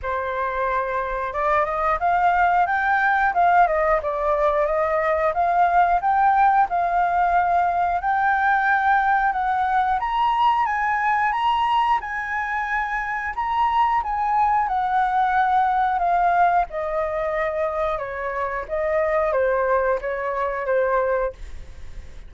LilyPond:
\new Staff \with { instrumentName = "flute" } { \time 4/4 \tempo 4 = 90 c''2 d''8 dis''8 f''4 | g''4 f''8 dis''8 d''4 dis''4 | f''4 g''4 f''2 | g''2 fis''4 ais''4 |
gis''4 ais''4 gis''2 | ais''4 gis''4 fis''2 | f''4 dis''2 cis''4 | dis''4 c''4 cis''4 c''4 | }